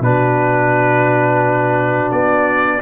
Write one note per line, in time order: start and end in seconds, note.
0.00 2.09 B2
0.00 2.81 D4
0.00 2.81 F#4
0.00 2.11 B4
2.11 2.81 B3
2.11 2.81 D5